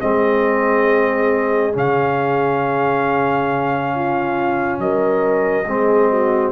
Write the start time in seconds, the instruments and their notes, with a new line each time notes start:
0.00 tuba G#3, trombone C4, horn G#4, trumpet D#5
1.73 tuba C#3, trombone C#4, trumpet F5
3.95 horn F4
4.80 tuba F#3, horn A#4, trumpet D#5
5.67 tuba G#3, trombone C4, horn G#4
6.10 horn F#4